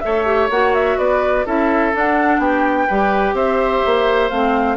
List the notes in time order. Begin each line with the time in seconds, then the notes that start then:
0.00 A3 A4 C#5 E5
0.26 G4
0.50 A#3 F#4 F#5
0.75 E5
0.98 B3 B4 D5
1.45 C#4 E4 A4 E5
1.94 D4 F#5
2.39 B3 G4 G5
2.87 G3 G4 B4
3.34 C4 C5 E5
3.86 A#3
4.30 A3 C4 F5